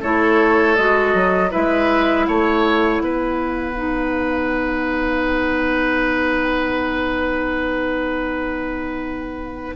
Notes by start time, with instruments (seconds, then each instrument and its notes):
0.00 bassoon A3, clarinet E4, oboe A4, flute C#5
0.76 bassoon G#3, clarinet F#4, flute D#5
1.14 bassoon F#3
1.50 bassoon G#3, clarinet E4, oboe B4, flute E5
2.26 bassoon A3, oboe C#5, flute F#5
3.00 bassoon B3, oboe B4
3.74 clarinet D#4